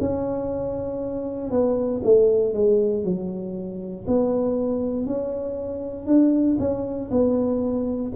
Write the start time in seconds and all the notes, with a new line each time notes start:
0.00 C#4
1.50 B3
2.03 A3
2.53 G#3
3.04 F#3
4.07 B3
5.06 C#4
6.06 D4
6.59 C#4
7.10 B3